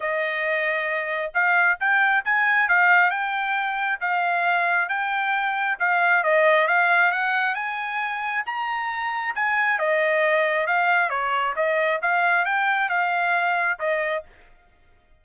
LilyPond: \new Staff \with { instrumentName = "trumpet" } { \time 4/4 \tempo 4 = 135 dis''2. f''4 | g''4 gis''4 f''4 g''4~ | g''4 f''2 g''4~ | g''4 f''4 dis''4 f''4 |
fis''4 gis''2 ais''4~ | ais''4 gis''4 dis''2 | f''4 cis''4 dis''4 f''4 | g''4 f''2 dis''4 | }